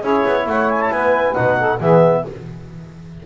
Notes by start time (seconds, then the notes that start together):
0.00 C#4 E4 G#4 C#5
0.26 B3
0.46 A3 C#5 F#5
0.70 G#5
0.81 A5
0.91 B3 B4 G#5
1.34 B2 D#4 F#5
1.59 A4
1.79 E3 B3 G#4 E5